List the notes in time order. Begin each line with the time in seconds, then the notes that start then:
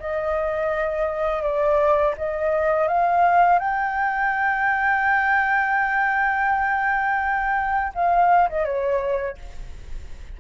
0.00 D#5
1.43 D5
2.18 D#5
2.88 F5
3.59 G5
7.95 F5
8.50 D#5
8.65 C#5